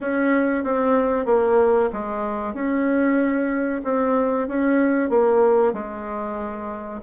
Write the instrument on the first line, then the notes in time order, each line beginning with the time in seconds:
bassoon
0.01 C#4
0.64 C4
1.25 A#3
1.92 G#3
2.54 C#4
3.84 C4
4.47 C#4
5.09 A#3
5.73 G#3